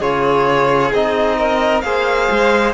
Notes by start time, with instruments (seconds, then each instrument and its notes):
0.00 cello C#3, trombone F4, violin G#4 C#5
0.92 cello C4, trombone D#4, violin D#5
1.38 violin A#4
1.82 cello A#3, trombone G#4, violin C5 F5
2.31 cello G#3